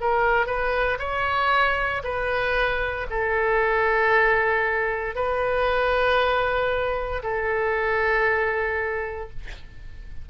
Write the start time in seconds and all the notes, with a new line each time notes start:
0.00 A#4
0.47 B4
0.99 C#5
2.04 B4
3.10 A4
5.15 B4
7.23 A4